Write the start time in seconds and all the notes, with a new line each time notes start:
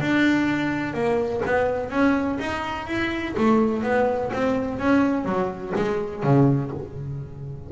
0.00 D4
0.94 A#3
1.45 B3
1.90 C#4
2.39 D#4
2.87 E4
3.37 A3
3.83 B3
4.33 C4
4.79 C#4
5.25 F#3
5.76 G#3
6.23 C#3